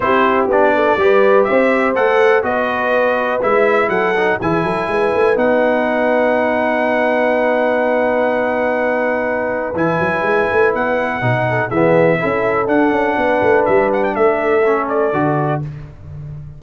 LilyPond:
<<
  \new Staff \with { instrumentName = "trumpet" } { \time 4/4 \tempo 4 = 123 c''4 d''2 e''4 | fis''4 dis''2 e''4 | fis''4 gis''2 fis''4~ | fis''1~ |
fis''1 | gis''2 fis''2 | e''2 fis''2 | e''8 fis''16 g''16 e''4. d''4. | }
  \new Staff \with { instrumentName = "horn" } { \time 4/4 g'4. a'8 b'4 c''4~ | c''4 b'2. | a'4 gis'8 a'8 b'2~ | b'1~ |
b'1~ | b'2.~ b'8 a'8 | gis'4 a'2 b'4~ | b'4 a'2. | }
  \new Staff \with { instrumentName = "trombone" } { \time 4/4 e'4 d'4 g'2 | a'4 fis'2 e'4~ | e'8 dis'8 e'2 dis'4~ | dis'1~ |
dis'1 | e'2. dis'4 | b4 e'4 d'2~ | d'2 cis'4 fis'4 | }
  \new Staff \with { instrumentName = "tuba" } { \time 4/4 c'4 b4 g4 c'4 | a4 b2 gis4 | fis4 e8 fis8 gis8 a8 b4~ | b1~ |
b1 | e8 fis8 gis8 a8 b4 b,4 | e4 cis'4 d'8 cis'8 b8 a8 | g4 a2 d4 | }
>>